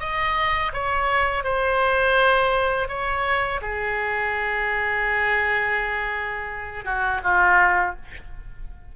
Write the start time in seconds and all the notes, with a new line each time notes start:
0.00 D#5
0.73 C#5
1.44 C5
2.88 C#5
3.62 G#4
6.85 F#4
7.24 F4